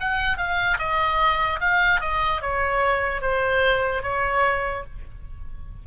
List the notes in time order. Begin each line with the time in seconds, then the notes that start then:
0.00 F#5
0.37 F5
0.79 D#5
1.60 F5
2.00 D#5
2.41 C#5
3.21 C5
4.02 C#5